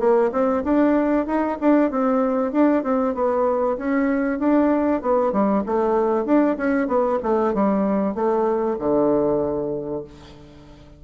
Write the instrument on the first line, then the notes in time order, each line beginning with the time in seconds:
bassoon
0.00 A#3
0.32 C4
0.64 D4
1.27 D#4
1.61 D4
1.91 C4
2.53 D4
2.84 C4
3.15 B3
3.78 C#4
4.40 D4
5.02 B3
5.33 G3
5.66 A3
6.26 D4
6.58 C#4
6.88 B3
7.23 A3
7.55 G3
8.15 A3
8.80 D3